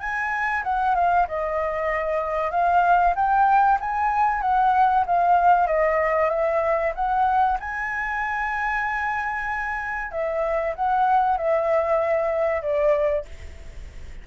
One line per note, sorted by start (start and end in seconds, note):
0.00 0.63 G#5
0.63 0.95 F#5
0.95 1.27 F5
1.28 2.51 D#5
2.51 3.14 F5
3.16 3.79 G5
3.80 4.42 G#5
4.42 5.05 F#5
5.06 5.67 F5
5.67 6.30 D#5
6.30 6.93 E5
6.95 7.58 F#5
7.60 10.11 G#5
10.11 10.75 E5
10.76 11.37 F#5
11.37 12.62 E5
12.62 13.25 D5